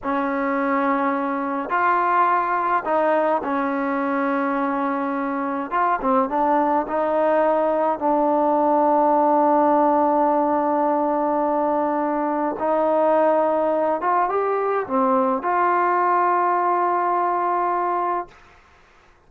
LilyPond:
\new Staff \with { instrumentName = "trombone" } { \time 4/4 \tempo 4 = 105 cis'2. f'4~ | f'4 dis'4 cis'2~ | cis'2 f'8 c'8 d'4 | dis'2 d'2~ |
d'1~ | d'2 dis'2~ | dis'8 f'8 g'4 c'4 f'4~ | f'1 | }